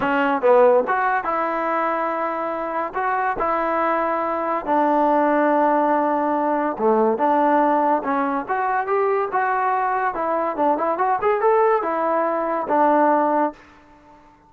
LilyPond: \new Staff \with { instrumentName = "trombone" } { \time 4/4 \tempo 4 = 142 cis'4 b4 fis'4 e'4~ | e'2. fis'4 | e'2. d'4~ | d'1 |
a4 d'2 cis'4 | fis'4 g'4 fis'2 | e'4 d'8 e'8 fis'8 gis'8 a'4 | e'2 d'2 | }